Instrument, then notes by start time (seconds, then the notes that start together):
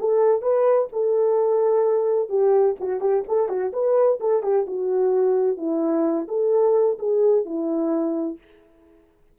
horn
0.00 A4
0.42 B4
0.93 A4
2.30 G4
2.80 F#4
3.01 G4
3.29 A4
3.49 F#4
3.73 B4
4.21 A4
4.43 G4
4.67 F#4
5.58 E4
6.29 A4
6.99 G#4
7.45 E4